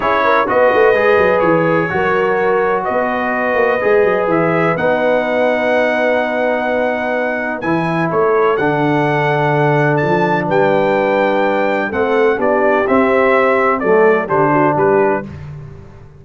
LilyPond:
<<
  \new Staff \with { instrumentName = "trumpet" } { \time 4/4 \tempo 4 = 126 cis''4 dis''2 cis''4~ | cis''2 dis''2~ | dis''4 e''4 fis''2~ | fis''1 |
gis''4 cis''4 fis''2~ | fis''4 a''4 g''2~ | g''4 fis''4 d''4 e''4~ | e''4 d''4 c''4 b'4 | }
  \new Staff \with { instrumentName = "horn" } { \time 4/4 gis'8 ais'8 b'2. | ais'2 b'2~ | b'1~ | b'1~ |
b'4 a'2.~ | a'2 b'2~ | b'4 a'4 g'2~ | g'4 a'4 g'8 fis'8 g'4 | }
  \new Staff \with { instrumentName = "trombone" } { \time 4/4 e'4 fis'4 gis'2 | fis'1 | gis'2 dis'2~ | dis'1 |
e'2 d'2~ | d'1~ | d'4 c'4 d'4 c'4~ | c'4 a4 d'2 | }
  \new Staff \with { instrumentName = "tuba" } { \time 4/4 cis'4 b8 a8 gis8 fis8 e4 | fis2 b4. ais8 | gis8 fis8 e4 b2~ | b1 |
e4 a4 d2~ | d4 f4 g2~ | g4 a4 b4 c'4~ | c'4 fis4 d4 g4 | }
>>